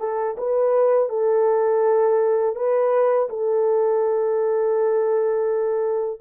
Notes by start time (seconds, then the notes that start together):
0.00 A4
0.38 B4
1.09 A4
2.55 B4
3.29 A4